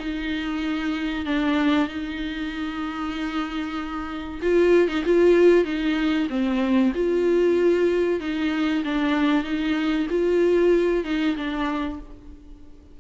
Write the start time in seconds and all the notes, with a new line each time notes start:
0.00 D#4
1.26 D4
1.88 D#4
4.42 F4
4.89 D#4
5.06 F4
5.65 D#4
6.30 C4
6.95 F4
8.21 D#4
8.85 D4
9.44 D#4
10.10 F4
11.05 D#4
11.37 D4